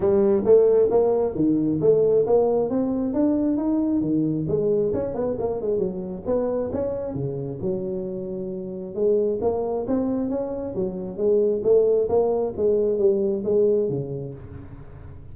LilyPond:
\new Staff \with { instrumentName = "tuba" } { \time 4/4 \tempo 4 = 134 g4 a4 ais4 dis4 | a4 ais4 c'4 d'4 | dis'4 dis4 gis4 cis'8 b8 | ais8 gis8 fis4 b4 cis'4 |
cis4 fis2. | gis4 ais4 c'4 cis'4 | fis4 gis4 a4 ais4 | gis4 g4 gis4 cis4 | }